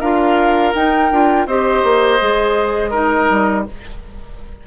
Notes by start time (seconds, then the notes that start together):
0.00 D4 F4 A#4 F5
0.74 D#4 G5
1.11 D4 F4
1.46 C4 G4 C5 D#5
1.83 A#3
2.20 G#3 G#4
2.90 D#4 A#4
3.29 G3